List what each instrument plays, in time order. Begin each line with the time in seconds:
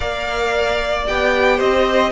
0.00 cello A#3, viola A#4, violin D5 F5
1.06 cello B3, viola G4, violin G5
1.56 cello C4, violin C5 D#5